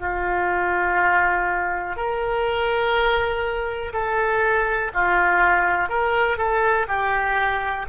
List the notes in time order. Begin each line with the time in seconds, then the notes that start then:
0.00 F4
1.97 A#4
3.94 A4
4.94 F4
5.89 A#4
6.38 A4
6.88 G4